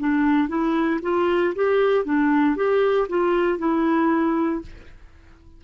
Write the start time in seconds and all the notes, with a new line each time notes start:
0.00 D4
0.49 E4
1.03 F4
1.56 G4
2.05 D4
2.56 G4
3.09 F4
3.59 E4